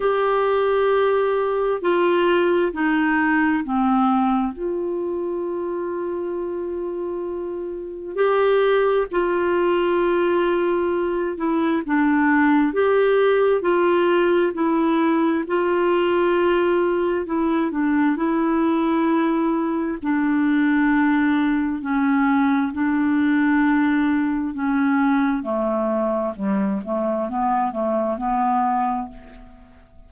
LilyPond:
\new Staff \with { instrumentName = "clarinet" } { \time 4/4 \tempo 4 = 66 g'2 f'4 dis'4 | c'4 f'2.~ | f'4 g'4 f'2~ | f'8 e'8 d'4 g'4 f'4 |
e'4 f'2 e'8 d'8 | e'2 d'2 | cis'4 d'2 cis'4 | a4 g8 a8 b8 a8 b4 | }